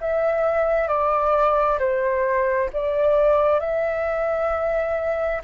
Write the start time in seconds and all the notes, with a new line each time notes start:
0.00 E5
0.87 D5
1.79 C5
2.73 D5
3.60 E5